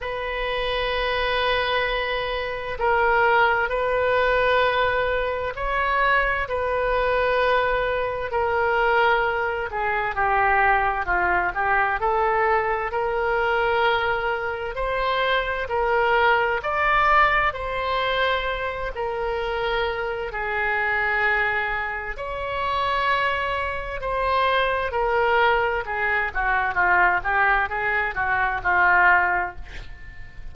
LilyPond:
\new Staff \with { instrumentName = "oboe" } { \time 4/4 \tempo 4 = 65 b'2. ais'4 | b'2 cis''4 b'4~ | b'4 ais'4. gis'8 g'4 | f'8 g'8 a'4 ais'2 |
c''4 ais'4 d''4 c''4~ | c''8 ais'4. gis'2 | cis''2 c''4 ais'4 | gis'8 fis'8 f'8 g'8 gis'8 fis'8 f'4 | }